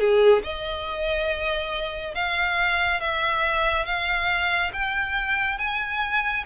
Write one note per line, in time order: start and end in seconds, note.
0.00 0.43 G#4
0.44 2.15 D#5
2.15 3.00 F5
3.00 3.86 E5
3.86 4.71 F5
4.73 5.59 G5
5.59 6.44 G#5